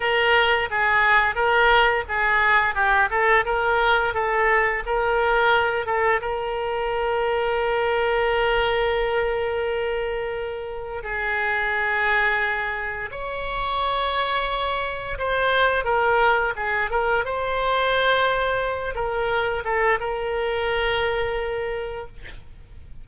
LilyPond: \new Staff \with { instrumentName = "oboe" } { \time 4/4 \tempo 4 = 87 ais'4 gis'4 ais'4 gis'4 | g'8 a'8 ais'4 a'4 ais'4~ | ais'8 a'8 ais'2.~ | ais'1 |
gis'2. cis''4~ | cis''2 c''4 ais'4 | gis'8 ais'8 c''2~ c''8 ais'8~ | ais'8 a'8 ais'2. | }